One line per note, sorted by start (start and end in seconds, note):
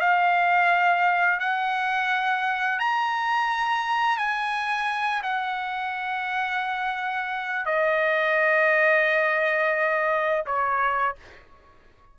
0.00 1.40 F5
1.40 2.79 F#5
2.79 4.17 A#5
4.17 5.22 G#5
5.23 7.66 F#5
7.66 10.45 D#5
10.46 11.16 C#5